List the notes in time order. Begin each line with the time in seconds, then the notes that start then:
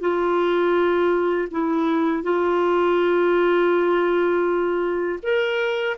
0.00 F4
1.51 E4
2.23 F4
5.22 A#4